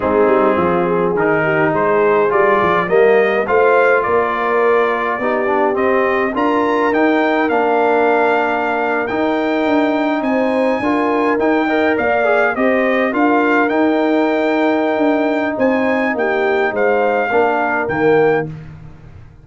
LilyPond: <<
  \new Staff \with { instrumentName = "trumpet" } { \time 4/4 \tempo 4 = 104 gis'2 ais'4 c''4 | d''4 dis''4 f''4 d''4~ | d''2 dis''4 ais''4 | g''4 f''2~ f''8. g''16~ |
g''4.~ g''16 gis''2 g''16~ | g''8. f''4 dis''4 f''4 g''16~ | g''2. gis''4 | g''4 f''2 g''4 | }
  \new Staff \with { instrumentName = "horn" } { \time 4/4 dis'4 f'8 gis'4 g'8 gis'4~ | gis'4 ais'4 c''4 ais'4~ | ais'4 g'2 ais'4~ | ais'1~ |
ais'4.~ ais'16 c''4 ais'4~ ais'16~ | ais'16 dis''8 d''4 c''4 ais'4~ ais'16~ | ais'2. c''4 | g'4 c''4 ais'2 | }
  \new Staff \with { instrumentName = "trombone" } { \time 4/4 c'2 dis'2 | f'4 ais4 f'2~ | f'4 dis'8 d'8 c'4 f'4 | dis'4 d'2~ d'8. dis'16~ |
dis'2~ dis'8. f'4 dis'16~ | dis'16 ais'4 gis'8 g'4 f'4 dis'16~ | dis'1~ | dis'2 d'4 ais4 | }
  \new Staff \with { instrumentName = "tuba" } { \time 4/4 gis8 g8 f4 dis4 gis4 | g8 f8 g4 a4 ais4~ | ais4 b4 c'4 d'4 | dis'4 ais2~ ais8. dis'16~ |
dis'8. d'4 c'4 d'4 dis'16~ | dis'8. ais4 c'4 d'4 dis'16~ | dis'2 d'4 c'4 | ais4 gis4 ais4 dis4 | }
>>